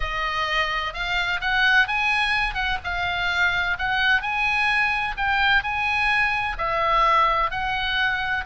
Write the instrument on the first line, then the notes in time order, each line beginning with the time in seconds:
oboe
0.00 D#5
0.93 F5
1.40 F#5
1.87 G#5
2.54 F#5
2.84 F5
3.78 F#5
4.21 G#5
5.17 G5
5.63 G#5
6.58 E5
7.50 F#5